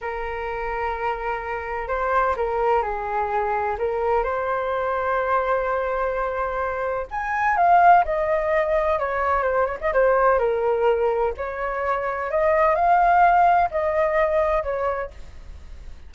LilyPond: \new Staff \with { instrumentName = "flute" } { \time 4/4 \tempo 4 = 127 ais'1 | c''4 ais'4 gis'2 | ais'4 c''2.~ | c''2. gis''4 |
f''4 dis''2 cis''4 | c''8 cis''16 dis''16 c''4 ais'2 | cis''2 dis''4 f''4~ | f''4 dis''2 cis''4 | }